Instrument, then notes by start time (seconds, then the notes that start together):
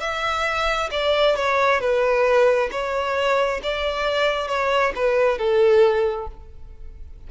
violin
0.00 E5
0.91 D5
1.36 C#5
1.80 B4
2.71 C#5
3.63 D5
4.48 C#5
4.95 B4
5.38 A4